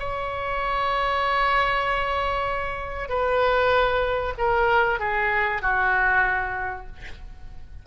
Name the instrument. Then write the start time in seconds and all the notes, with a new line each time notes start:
oboe
0.00 C#5
3.09 B4
4.38 A#4
5.00 G#4
5.62 F#4